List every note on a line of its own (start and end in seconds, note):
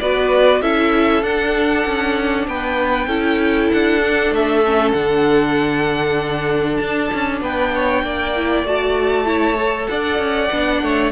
0.00 0.62 B3
0.00 0.62 F#4
0.00 0.62 B4
0.00 0.62 D5
0.62 1.23 C#4
0.62 1.23 E4
0.62 2.48 A4
0.62 1.23 E5
1.23 1.85 D4
1.23 3.09 D4
1.23 2.47 F#5
1.86 2.47 C#4
2.47 3.07 B3
2.47 3.08 B4
2.47 3.72 G5
3.07 3.69 C#4
3.07 4.01 E4
3.07 7.41 A4
3.72 4.31 D4
3.72 4.34 F#5
4.01 4.63 D4
4.31 4.93 A3
4.31 4.92 E5
4.65 4.96 C#4
4.92 6.79 D3
4.92 8.36 D4
4.92 6.76 F#5
6.76 7.11 D4
6.76 7.38 A5
7.14 7.41 C#4
7.41 8.03 B3
7.41 7.73 B4
7.41 8.67 G5
7.75 8.05 C#5
8.03 8.63 A#3
8.03 9.27 D5
8.36 8.65 E4
8.63 9.87 A3
8.63 9.25 F#4
8.63 9.88 A5
9.25 9.56 E4
9.25 9.89 C#5
9.57 10.49 A4
9.88 10.19 D4
9.88 10.83 D5
9.88 11.12 F#5
10.19 10.50 C#4
10.52 10.82 B3
10.52 11.12 D4
10.82 11.12 A3
10.82 11.12 C#5